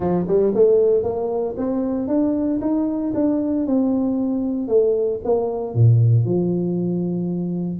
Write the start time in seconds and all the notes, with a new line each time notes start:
0.00 F3
0.27 G3
0.55 A3
1.03 A#3
1.57 C4
2.07 D4
2.61 D#4
3.14 D4
3.66 C4
4.68 A3
5.24 A#3
5.74 A#2
6.25 F3